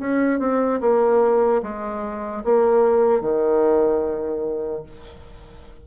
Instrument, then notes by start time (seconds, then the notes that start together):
bassoon
0.00 C#4
0.40 C4
0.81 A#3
1.63 G#3
2.45 A#3
3.21 D#3